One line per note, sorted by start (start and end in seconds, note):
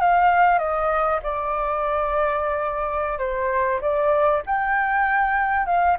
0.00 0.58 F5
0.58 1.19 D#5
1.22 3.18 D5
3.18 3.80 C5
3.81 4.42 D5
4.46 5.66 G5
5.66 5.97 F5